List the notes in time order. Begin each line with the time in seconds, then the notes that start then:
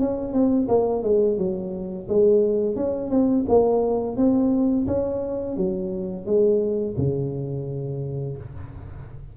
0.00 C#4
0.33 C4
0.68 A#3
1.03 G#3
1.38 F#3
2.08 G#3
2.76 C#4
3.10 C4
3.49 A#3
4.17 C4
4.87 C#4
5.57 F#3
6.26 G#3
6.97 C#3